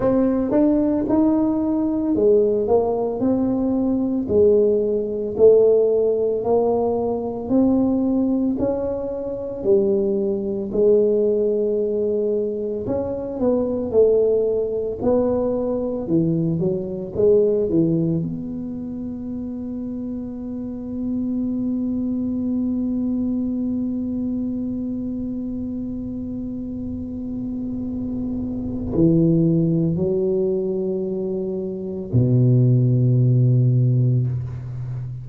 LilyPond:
\new Staff \with { instrumentName = "tuba" } { \time 4/4 \tempo 4 = 56 c'8 d'8 dis'4 gis8 ais8 c'4 | gis4 a4 ais4 c'4 | cis'4 g4 gis2 | cis'8 b8 a4 b4 e8 fis8 |
gis8 e8 b2.~ | b1~ | b2. e4 | fis2 b,2 | }